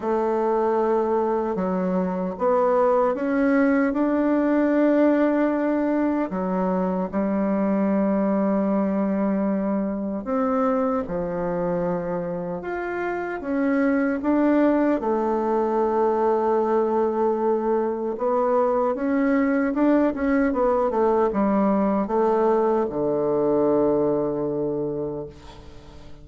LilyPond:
\new Staff \with { instrumentName = "bassoon" } { \time 4/4 \tempo 4 = 76 a2 fis4 b4 | cis'4 d'2. | fis4 g2.~ | g4 c'4 f2 |
f'4 cis'4 d'4 a4~ | a2. b4 | cis'4 d'8 cis'8 b8 a8 g4 | a4 d2. | }